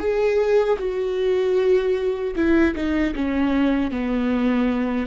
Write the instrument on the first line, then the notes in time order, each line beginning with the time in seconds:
viola
0.00 G#4
0.79 F#4
2.36 E4
2.76 D#4
3.15 C#4
3.91 B3